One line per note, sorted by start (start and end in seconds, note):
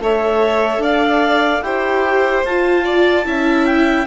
0.00 0.77 A3
0.00 1.64 A4
0.00 0.82 C#5
0.00 0.83 E5
0.77 1.58 D4
0.77 1.64 D5
0.77 1.63 F5
1.62 2.43 E4
1.62 2.45 G4
1.62 2.84 C5
1.62 2.44 G5
2.44 3.26 F4
2.44 3.25 F4
2.44 3.66 A5
2.84 3.25 D5
3.25 4.06 C#4
3.25 4.06 E4
3.25 4.06 E5
3.66 4.06 G5